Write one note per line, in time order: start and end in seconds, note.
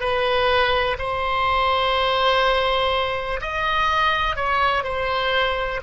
0.00 0.97 B4
0.98 3.40 C5
3.41 4.36 D#5
4.36 4.83 C#5
4.83 5.80 C5